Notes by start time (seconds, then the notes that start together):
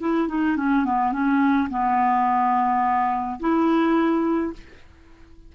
0.00 E4
0.28 D#4
0.57 C#4
0.85 B3
1.12 C#4
1.70 B3
3.40 E4